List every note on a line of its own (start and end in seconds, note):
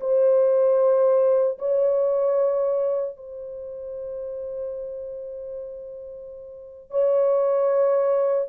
0.00 1.58 C5
1.59 3.17 C#5
3.17 6.90 C5
6.90 8.48 C#5